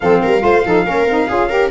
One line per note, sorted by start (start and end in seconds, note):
0.00 0.23 F3
0.00 0.40 C4
0.00 0.22 A4
0.00 1.71 F5
0.22 0.42 G3
0.22 0.43 A#4
0.40 0.64 A3
0.40 0.62 F4
0.40 0.65 C5
0.64 0.86 F3
0.64 0.84 D#4
0.64 0.86 A4
0.84 1.05 A#3
0.84 1.06 C#4
0.84 1.28 A#4
1.05 1.27 C4
1.05 1.29 D#4
1.28 1.71 C#4
1.28 1.49 F4
1.28 1.49 G#4
1.49 1.70 G4
1.49 1.70 A#4